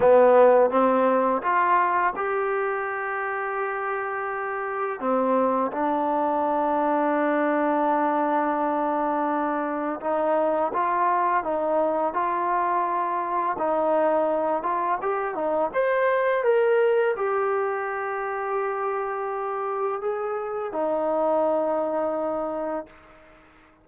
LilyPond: \new Staff \with { instrumentName = "trombone" } { \time 4/4 \tempo 4 = 84 b4 c'4 f'4 g'4~ | g'2. c'4 | d'1~ | d'2 dis'4 f'4 |
dis'4 f'2 dis'4~ | dis'8 f'8 g'8 dis'8 c''4 ais'4 | g'1 | gis'4 dis'2. | }